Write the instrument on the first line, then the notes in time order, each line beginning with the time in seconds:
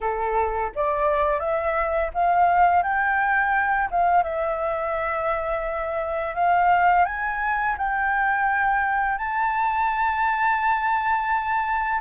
flute
0.00 A4
0.75 D5
1.39 E5
2.14 F5
2.82 G5
3.90 F5
4.23 E5
6.34 F5
7.05 G#5
7.77 G5
9.18 A5